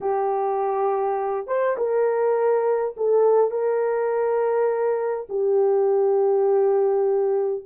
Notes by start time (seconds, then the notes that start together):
0.00 G4
1.47 C5
1.77 A#4
2.96 A4
3.50 A#4
5.29 G4